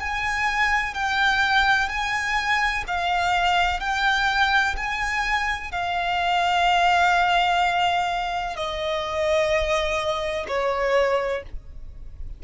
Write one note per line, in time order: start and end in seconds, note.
0.00 0.94 G#5
0.94 1.89 G5
1.89 2.84 G#5
2.87 3.80 F5
3.80 4.75 G5
4.77 5.71 G#5
5.71 8.56 F5
8.56 10.47 D#5
10.48 11.43 C#5